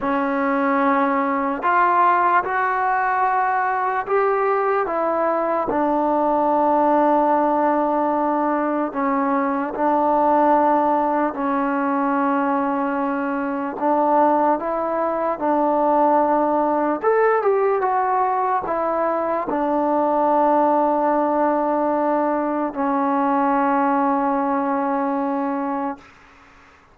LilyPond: \new Staff \with { instrumentName = "trombone" } { \time 4/4 \tempo 4 = 74 cis'2 f'4 fis'4~ | fis'4 g'4 e'4 d'4~ | d'2. cis'4 | d'2 cis'2~ |
cis'4 d'4 e'4 d'4~ | d'4 a'8 g'8 fis'4 e'4 | d'1 | cis'1 | }